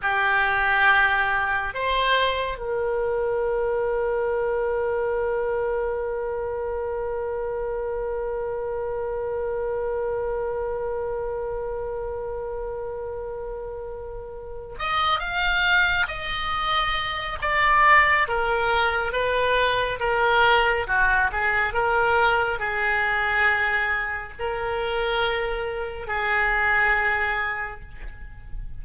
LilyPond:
\new Staff \with { instrumentName = "oboe" } { \time 4/4 \tempo 4 = 69 g'2 c''4 ais'4~ | ais'1~ | ais'1~ | ais'1~ |
ais'4 dis''8 f''4 dis''4. | d''4 ais'4 b'4 ais'4 | fis'8 gis'8 ais'4 gis'2 | ais'2 gis'2 | }